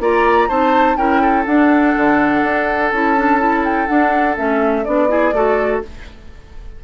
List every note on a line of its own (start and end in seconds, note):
0.00 0.48 A#3
0.00 0.49 F4
0.00 0.49 D5
0.00 0.50 A#5
0.49 0.96 C4
0.49 0.97 D#4
0.49 0.97 C5
0.49 0.97 A5
0.96 1.45 C#4
0.96 1.46 E4
0.96 1.22 A#4
0.96 1.46 G5
1.22 5.09 A4
1.46 2.92 D4
1.46 1.96 D4
1.46 2.91 F#5
1.97 2.44 D3
2.44 2.92 D4
2.91 3.89 C#4
2.91 3.17 E4
2.91 3.64 A5
3.17 3.39 D4
3.39 3.87 E4
3.65 3.87 G5
3.87 4.36 D4
3.87 4.38 D4
3.87 4.36 F#5
4.37 4.86 A3
4.37 4.85 C#4
4.37 4.84 E5
4.84 5.33 B3
4.84 5.09 D4
4.84 5.81 D5
5.09 5.33 E4
5.09 5.35 G#4
5.33 5.81 A3
5.33 5.83 F#4
5.33 5.84 A4